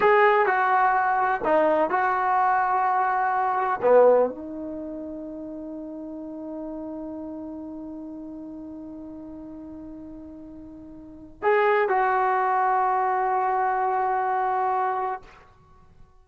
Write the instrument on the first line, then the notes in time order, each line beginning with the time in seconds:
trombone
0.00 G#4
0.45 F#4
1.44 D#4
1.89 F#4
3.82 B3
4.29 D#4
11.42 G#4
11.88 F#4